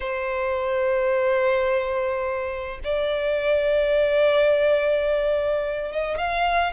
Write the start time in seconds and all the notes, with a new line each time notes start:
0.00 C5
2.83 D5
5.92 D#5
6.18 F5